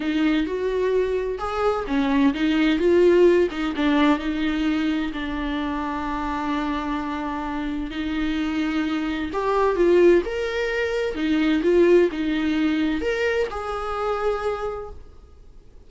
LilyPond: \new Staff \with { instrumentName = "viola" } { \time 4/4 \tempo 4 = 129 dis'4 fis'2 gis'4 | cis'4 dis'4 f'4. dis'8 | d'4 dis'2 d'4~ | d'1~ |
d'4 dis'2. | g'4 f'4 ais'2 | dis'4 f'4 dis'2 | ais'4 gis'2. | }